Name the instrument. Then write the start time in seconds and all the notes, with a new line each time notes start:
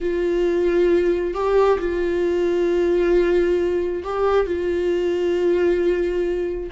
viola
0.00 F4
1.34 G4
1.79 F4
4.03 G4
4.46 F4